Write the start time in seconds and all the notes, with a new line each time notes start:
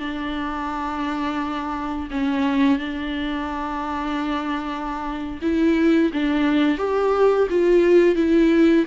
0.00 D4
2.11 C#4
2.79 D4
5.42 E4
6.14 D4
6.79 G4
7.50 F4
8.16 E4